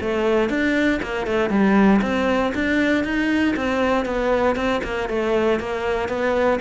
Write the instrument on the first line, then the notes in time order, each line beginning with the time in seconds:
cello
0.00 A3
0.49 D4
1.02 A#3
1.26 A3
1.50 G3
2.02 C4
2.54 D4
3.04 D#4
3.56 C4
4.05 B3
4.55 C4
4.84 A#3
5.08 A3
5.59 A#3
6.08 B3